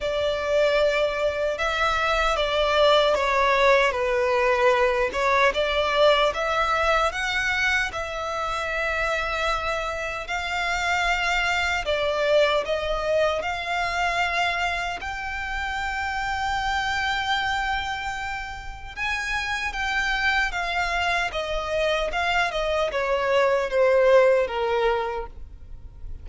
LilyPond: \new Staff \with { instrumentName = "violin" } { \time 4/4 \tempo 4 = 76 d''2 e''4 d''4 | cis''4 b'4. cis''8 d''4 | e''4 fis''4 e''2~ | e''4 f''2 d''4 |
dis''4 f''2 g''4~ | g''1 | gis''4 g''4 f''4 dis''4 | f''8 dis''8 cis''4 c''4 ais'4 | }